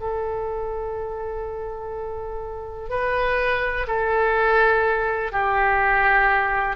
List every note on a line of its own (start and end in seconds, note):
0.00 2.89 A4
2.89 3.86 B4
3.87 5.32 A4
5.32 6.76 G4